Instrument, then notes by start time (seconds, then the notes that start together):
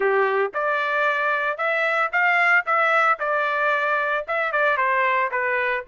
trumpet
0.00 G4
0.53 D5
1.57 E5
2.11 F5
2.65 E5
3.19 D5
4.27 E5
4.52 D5
4.77 C5
5.31 B4